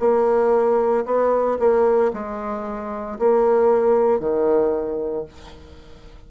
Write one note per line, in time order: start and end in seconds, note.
0.00 1.05 A#3
1.06 1.58 B3
1.59 2.12 A#3
2.14 3.19 G#3
3.19 4.20 A#3
4.20 5.25 D#3